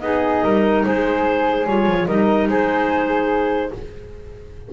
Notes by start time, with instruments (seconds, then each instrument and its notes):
0.00 double bass B3, clarinet D#4 D#5, flute G#4
0.43 double bass G3, flute A#4
0.84 double bass G#3, flute G#4, clarinet C5
1.66 double bass G3, clarinet F4 C#5
1.86 double bass F3
2.07 double bass G3, clarinet D#4 D#5, flute A#4
2.48 double bass G#3, flute G#4, clarinet C5